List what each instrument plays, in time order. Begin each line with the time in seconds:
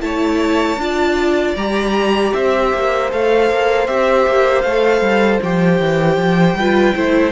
0.00 cello A3, viola E4, violin C#5 A5
0.77 cello D4, viola F4, violin D5
1.56 cello G3, viola G4, violin A#5
2.33 cello C4, violin C5 E5
2.74 cello A#3
3.10 cello A3, viola A4, violin F5
3.50 cello A#3
3.86 cello C4, viola G4, violin E5
4.26 cello A#3
4.61 cello A3, viola A4, violin F5
5.01 cello G3
5.42 cello F3, viola G4, violin G5
5.79 cello E3
6.17 cello F3
6.54 cello G3, viola F4, violin B4
6.95 cello A3, viola E4, violin C5